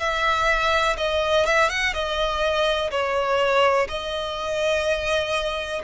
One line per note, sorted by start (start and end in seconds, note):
0.00 0.97 E5
0.97 1.46 D#5
1.46 1.69 E5
1.69 1.94 F#5
1.94 2.90 D#5
2.91 3.88 C#5
3.88 5.82 D#5